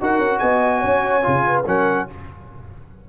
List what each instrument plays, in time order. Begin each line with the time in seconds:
0.00 tuba D#4, trombone F#4, horn A#4, trumpet F#5
0.18 tuba C#4
0.38 tuba B3, horn D#5, trumpet G#5
0.79 tuba C#4, horn C#5
1.22 tuba C#3, trombone F4
1.46 horn B4
1.66 tuba F#3, trombone C#4, horn A#4, trumpet F#5